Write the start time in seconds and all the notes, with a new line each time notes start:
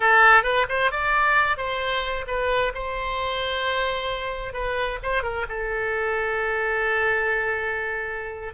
0.00 A4
0.43 B4
0.69 C5
0.91 D5
1.57 C5
2.27 B4
2.74 C5
4.53 B4
5.02 C5
5.23 A#4
5.48 A4